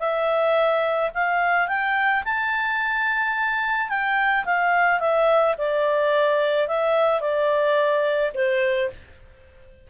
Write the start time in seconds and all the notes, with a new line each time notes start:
0.00 E5
1.15 F5
1.68 G5
2.25 A5
3.89 G5
4.45 F5
5.01 E5
5.58 D5
6.68 E5
7.21 D5
8.35 C5